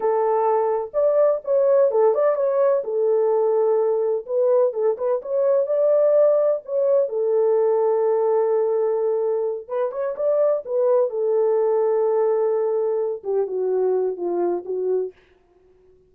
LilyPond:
\new Staff \with { instrumentName = "horn" } { \time 4/4 \tempo 4 = 127 a'2 d''4 cis''4 | a'8 d''8 cis''4 a'2~ | a'4 b'4 a'8 b'8 cis''4 | d''2 cis''4 a'4~ |
a'1~ | a'8 b'8 cis''8 d''4 b'4 a'8~ | a'1 | g'8 fis'4. f'4 fis'4 | }